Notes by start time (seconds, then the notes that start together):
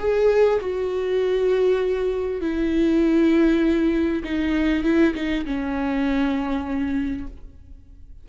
0.00 G#4
0.61 F#4
2.42 E4
4.24 D#4
4.85 E4
5.15 D#4
5.46 C#4